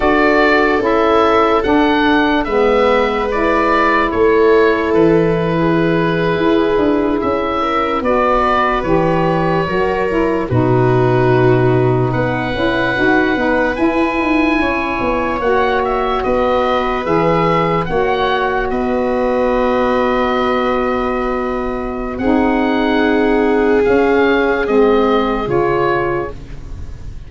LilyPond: <<
  \new Staff \with { instrumentName = "oboe" } { \time 4/4 \tempo 4 = 73 d''4 e''4 fis''4 e''4 | d''4 cis''4 b'2~ | b'8. e''4 d''4 cis''4~ cis''16~ | cis''8. b'2 fis''4~ fis''16~ |
fis''8. gis''2 fis''8 e''8 dis''16~ | dis''8. e''4 fis''4 dis''4~ dis''16~ | dis''2. fis''4~ | fis''4 f''4 dis''4 cis''4 | }
  \new Staff \with { instrumentName = "viola" } { \time 4/4 a'2. b'4~ | b'4 a'4.~ a'16 gis'4~ gis'16~ | gis'4~ gis'16 ais'8 b'2 ais'16~ | ais'8. fis'2 b'4~ b'16~ |
b'4.~ b'16 cis''2 b'16~ | b'4.~ b'16 cis''4 b'4~ b'16~ | b'2. gis'4~ | gis'1 | }
  \new Staff \with { instrumentName = "saxophone" } { \time 4/4 fis'4 e'4 d'4 b4 | e'1~ | e'4.~ e'16 fis'4 g'4 fis'16~ | fis'16 e'8 dis'2~ dis'8 e'8 fis'16~ |
fis'16 dis'8 e'2 fis'4~ fis'16~ | fis'8. gis'4 fis'2~ fis'16~ | fis'2. dis'4~ | dis'4 cis'4 c'4 f'4 | }
  \new Staff \with { instrumentName = "tuba" } { \time 4/4 d'4 cis'4 d'4 gis4~ | gis4 a4 e4.~ e16 e'16~ | e'16 d'8 cis'4 b4 e4 fis16~ | fis8. b,2 b8 cis'8 dis'16~ |
dis'16 b8 e'8 dis'8 cis'8 b8 ais4 b16~ | b8. e4 ais4 b4~ b16~ | b2. c'4~ | c'4 cis'4 gis4 cis4 | }
>>